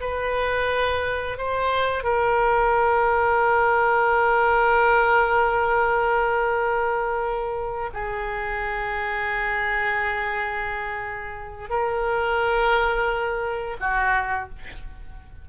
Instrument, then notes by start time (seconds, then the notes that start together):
oboe
0.00 B4
1.37 C5
2.03 A#4
7.93 G#4
11.69 A#4
13.80 F#4